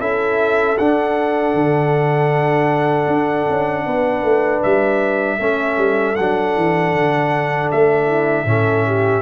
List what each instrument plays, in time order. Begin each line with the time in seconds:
0.00 tuba C#4, trombone E4, horn A4, trumpet E5
0.78 tuba D4, trombone D4, trumpet F#5
1.54 tuba D3
3.07 tuba D4
3.49 tuba C#4
3.86 tuba B3, horn B4
4.23 tuba A3
4.63 tuba G3, trumpet E5
5.38 tuba A3, trombone C#4, horn A4
5.77 tuba G3
6.16 tuba F#3, trombone D4, trumpet F#5
6.56 tuba E3
6.94 tuba D3
7.71 tuba A3, trumpet E5
8.06 horn E4
8.44 tuba A2, trombone C#4, horn A4
8.87 horn G4